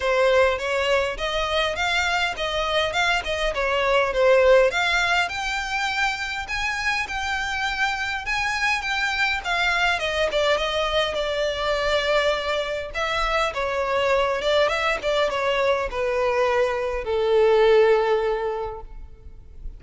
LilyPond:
\new Staff \with { instrumentName = "violin" } { \time 4/4 \tempo 4 = 102 c''4 cis''4 dis''4 f''4 | dis''4 f''8 dis''8 cis''4 c''4 | f''4 g''2 gis''4 | g''2 gis''4 g''4 |
f''4 dis''8 d''8 dis''4 d''4~ | d''2 e''4 cis''4~ | cis''8 d''8 e''8 d''8 cis''4 b'4~ | b'4 a'2. | }